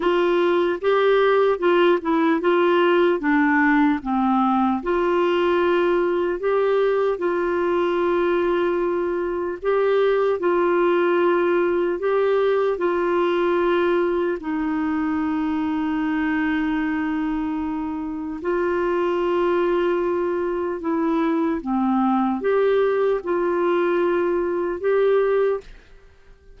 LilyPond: \new Staff \with { instrumentName = "clarinet" } { \time 4/4 \tempo 4 = 75 f'4 g'4 f'8 e'8 f'4 | d'4 c'4 f'2 | g'4 f'2. | g'4 f'2 g'4 |
f'2 dis'2~ | dis'2. f'4~ | f'2 e'4 c'4 | g'4 f'2 g'4 | }